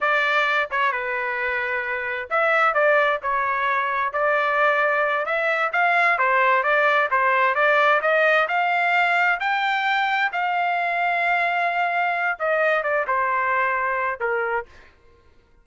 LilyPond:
\new Staff \with { instrumentName = "trumpet" } { \time 4/4 \tempo 4 = 131 d''4. cis''8 b'2~ | b'4 e''4 d''4 cis''4~ | cis''4 d''2~ d''8 e''8~ | e''8 f''4 c''4 d''4 c''8~ |
c''8 d''4 dis''4 f''4.~ | f''8 g''2 f''4.~ | f''2. dis''4 | d''8 c''2~ c''8 ais'4 | }